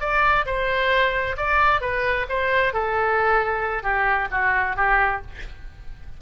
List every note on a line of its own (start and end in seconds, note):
0.00 0.45 D5
0.46 1.36 C5
1.37 1.81 D5
1.81 2.26 B4
2.29 2.73 C5
2.73 3.83 A4
3.83 4.28 G4
4.31 4.76 F#4
4.76 5.21 G4